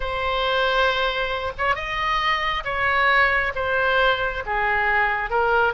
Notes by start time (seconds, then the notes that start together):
0.00 C5
1.58 C#5
1.75 D#5
2.64 C#5
3.55 C5
4.46 G#4
5.30 A#4